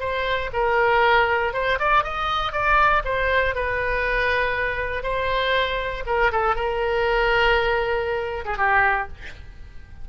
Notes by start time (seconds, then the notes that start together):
0.00 C5
0.53 A#4
1.54 C5
1.79 D5
2.04 D#5
2.52 D5
3.05 C5
3.55 B4
5.03 C5
6.06 A#4
6.32 A4
6.56 A#4
8.45 G#4
8.57 G4